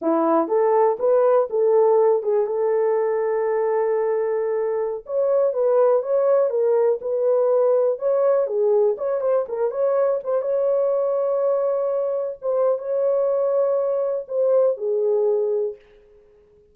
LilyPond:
\new Staff \with { instrumentName = "horn" } { \time 4/4 \tempo 4 = 122 e'4 a'4 b'4 a'4~ | a'8 gis'8 a'2.~ | a'2~ a'16 cis''4 b'8.~ | b'16 cis''4 ais'4 b'4.~ b'16~ |
b'16 cis''4 gis'4 cis''8 c''8 ais'8 cis''16~ | cis''8. c''8 cis''2~ cis''8.~ | cis''4~ cis''16 c''8. cis''2~ | cis''4 c''4 gis'2 | }